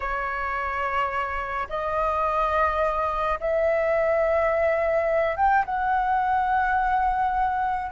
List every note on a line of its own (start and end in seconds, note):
0.00 1.67 C#5
1.69 3.39 D#5
3.40 5.36 E5
5.36 5.64 G5
5.64 7.91 F#5